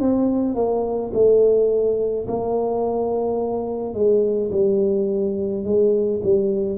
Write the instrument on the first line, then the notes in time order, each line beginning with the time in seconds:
tuba
0.00 C4
0.55 A#3
1.14 A3
2.28 A#3
3.94 G#3
4.52 G3
5.64 G#3
6.24 G3